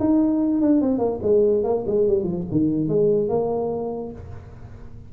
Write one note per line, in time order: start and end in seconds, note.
0.00 0.61 D#4
0.61 0.81 D4
0.81 0.99 C4
0.99 1.20 A#3
1.23 1.64 G#3
1.64 1.85 A#3
1.87 2.08 G#3
2.08 2.24 G3
2.24 2.45 F3
2.52 2.89 D#3
2.89 3.29 G#3
3.29 4.12 A#3